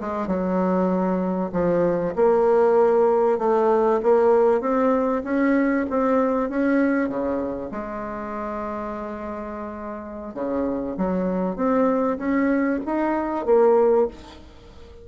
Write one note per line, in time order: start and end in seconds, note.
0.00 0.27 G#3
0.27 1.51 F#3
1.52 2.14 F3
2.15 3.38 A#3
3.38 4.00 A3
4.02 4.61 A#3
4.61 5.22 C4
5.24 5.86 C#4
5.90 6.49 C4
6.49 7.09 C#4
7.09 7.70 C#3
7.71 10.34 G#3
10.34 10.96 C#3
10.97 11.56 F#3
11.56 12.17 C4
12.18 12.80 C#4
12.85 13.45 D#4
13.45 14.07 A#3